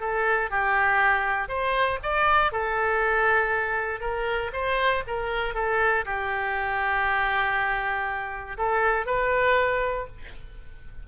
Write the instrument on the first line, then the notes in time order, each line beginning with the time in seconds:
oboe
0.00 A4
0.50 G4
1.49 C5
2.03 D5
2.52 A4
4.01 A#4
4.53 C5
5.07 A#4
5.54 A4
6.05 G4
8.58 A4
9.06 B4